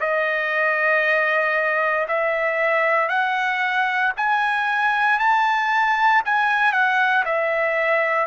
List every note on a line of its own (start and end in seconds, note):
0.00 2.07 D#5
2.08 3.09 E5
3.09 4.12 F#5
4.17 5.19 G#5
5.19 6.23 A5
6.25 6.72 G#5
6.72 7.24 F#5
7.25 8.27 E5